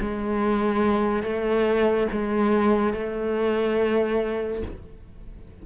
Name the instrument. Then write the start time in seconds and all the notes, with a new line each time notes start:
cello
0.00 G#3
1.23 A3
2.12 G#3
2.93 A3